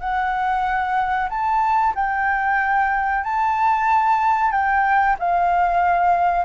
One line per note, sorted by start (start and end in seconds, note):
0.00 1.29 F#5
1.29 1.94 A5
1.95 3.23 G5
3.23 4.52 A5
4.52 5.16 G5
5.19 6.45 F5